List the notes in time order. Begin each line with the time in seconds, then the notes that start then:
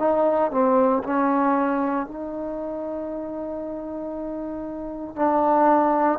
0.00 D#4
0.52 C4
1.04 C#4
2.07 D#4
5.16 D4